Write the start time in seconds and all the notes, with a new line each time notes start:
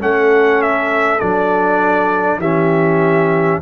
0.00 A3 C#4 A4 F#5
0.62 E5
1.20 F#3 D4 D5
2.38 E3 C#4 G4 E5